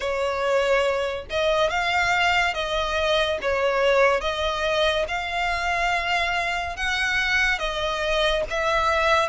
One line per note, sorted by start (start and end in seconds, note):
0.00 1.26 C#5
1.29 1.70 D#5
1.70 2.54 F5
2.54 3.38 D#5
3.41 4.21 C#5
4.21 5.05 D#5
5.08 6.76 F5
6.76 7.58 F#5
7.58 8.43 D#5
8.49 9.28 E5